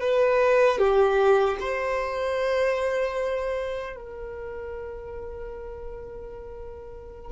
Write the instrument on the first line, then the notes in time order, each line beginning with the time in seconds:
violin
0.00 B4
0.78 G4
1.60 C5
3.95 A#4